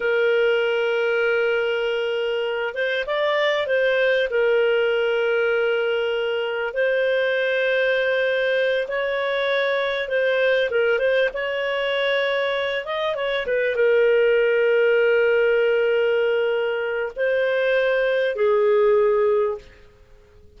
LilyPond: \new Staff \with { instrumentName = "clarinet" } { \time 4/4 \tempo 4 = 98 ais'1~ | ais'8 c''8 d''4 c''4 ais'4~ | ais'2. c''4~ | c''2~ c''8 cis''4.~ |
cis''8 c''4 ais'8 c''8 cis''4.~ | cis''4 dis''8 cis''8 b'8 ais'4.~ | ais'1 | c''2 gis'2 | }